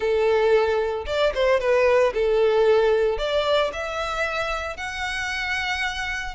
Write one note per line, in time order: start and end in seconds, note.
0.00 1.05 A4
1.06 1.32 D5
1.34 1.60 C5
1.60 2.13 B4
2.14 3.18 A4
3.18 3.71 D5
3.72 4.76 E5
4.76 6.35 F#5